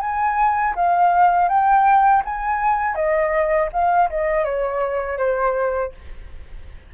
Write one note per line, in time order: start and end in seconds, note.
0.00 0.74 G#5
0.75 1.48 F5
1.48 2.23 G5
2.25 2.95 G#5
2.95 3.69 D#5
3.72 4.09 F5
4.09 4.44 D#5
4.44 5.18 C#5
5.18 5.92 C5